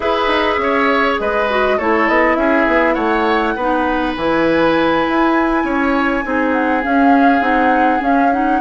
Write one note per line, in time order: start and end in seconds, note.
0.00 0.27 E4
0.00 1.47 G#4
0.00 0.60 B4
0.00 1.15 E5
0.27 0.56 D#4
0.57 1.17 C#4
0.57 1.20 C#5
1.19 1.79 G#3
1.19 1.77 B4
1.19 1.78 D#5
1.49 1.79 F#4
1.77 2.08 A3
1.77 3.58 E4
1.77 2.36 A4
1.77 2.08 C#5
2.08 2.36 B3
2.08 2.35 D#5
2.35 2.66 C#4
2.35 2.94 G#4
2.35 2.94 E5
2.67 2.95 B3
2.94 3.55 A3
2.94 3.53 C#5
2.94 4.12 F#5
3.55 4.15 B3
3.55 4.17 D#4
3.55 5.63 B4
4.16 5.06 E3
4.16 6.24 E4
4.16 6.51 G#5
5.08 5.64 E4
5.64 6.23 C#4
5.64 6.24 C#5
6.24 6.84 C4
6.24 6.82 D#4
6.24 8.61 G#4
6.51 6.81 F#5
6.82 7.40 C#4
6.82 7.42 F5
7.40 8.00 C4
7.40 7.99 D#4
7.40 8.01 F#5
7.99 8.29 C#4
7.99 8.60 C#4
7.99 8.32 F5
8.32 8.61 D#4
8.32 8.61 F#5